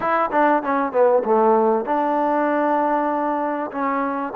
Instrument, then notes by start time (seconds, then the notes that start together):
trombone
0.00 E4
0.31 D4
0.62 C#4
0.91 B3
1.24 A3
1.85 D4
3.71 C#4